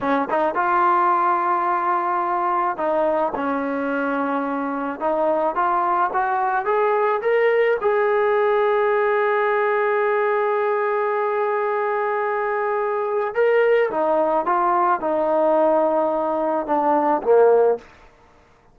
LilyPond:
\new Staff \with { instrumentName = "trombone" } { \time 4/4 \tempo 4 = 108 cis'8 dis'8 f'2.~ | f'4 dis'4 cis'2~ | cis'4 dis'4 f'4 fis'4 | gis'4 ais'4 gis'2~ |
gis'1~ | gis'1 | ais'4 dis'4 f'4 dis'4~ | dis'2 d'4 ais4 | }